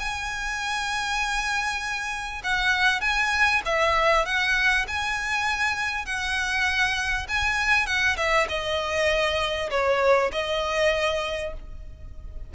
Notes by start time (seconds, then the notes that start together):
0.00 G#5
2.44 F#5
3.01 G#5
3.66 E5
4.26 F#5
4.88 G#5
6.06 F#5
7.29 G#5
7.87 F#5
8.17 E5
8.49 D#5
9.71 C#5
10.32 D#5